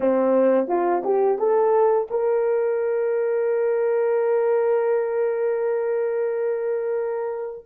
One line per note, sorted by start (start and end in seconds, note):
0.00 0.67 C4
0.67 1.02 F4
1.04 1.38 G4
1.38 2.08 A4
2.10 7.66 A#4